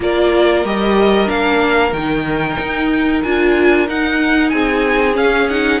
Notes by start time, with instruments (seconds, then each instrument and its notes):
0.00 cello A#3, viola F4, violin A#4 D5
0.64 cello G3, viola G4, violin D#5
1.26 cello A#3, viola D4, violin F5
1.92 cello D#3, viola D#4, violin G5
2.59 cello D#4
3.22 cello D4, viola F4, violin G#5
3.87 viola D#4, cello D#4, violin F#5
4.49 cello C4, violin G#4 G#5
5.13 viola C#4, cello C#4, violin F5
5.48 viola D#4, violin F#5